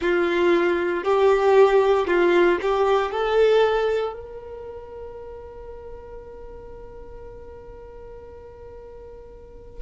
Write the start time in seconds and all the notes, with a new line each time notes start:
0.00 F4
1.03 G4
2.07 F4
2.61 G4
3.11 A4
4.13 A#4